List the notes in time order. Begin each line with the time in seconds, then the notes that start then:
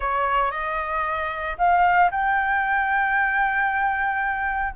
0.00 C#5
0.51 D#5
1.58 F5
2.11 G5